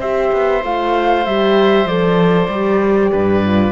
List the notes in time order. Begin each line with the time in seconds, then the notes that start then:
0.00 C4 G4 C5 E5
0.33 B3
0.64 A3 F4 F5
1.26 G3 G4 E5
1.85 F3 A4 D5
2.49 G3 G4
3.12 G2 B4
3.45 F4